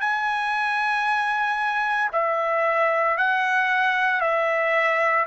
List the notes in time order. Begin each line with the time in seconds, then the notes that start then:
0.00 G#5
2.12 E5
3.18 F#5
4.21 E5